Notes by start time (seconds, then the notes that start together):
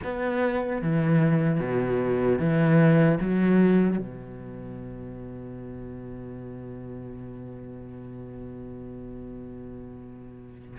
0.03 B3
0.81 E3
1.60 B2
2.38 E3
3.20 F#3
3.98 B2